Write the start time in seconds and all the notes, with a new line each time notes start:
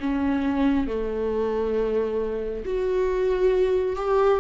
0.00 C#4
0.87 A3
2.65 F#4
3.96 G4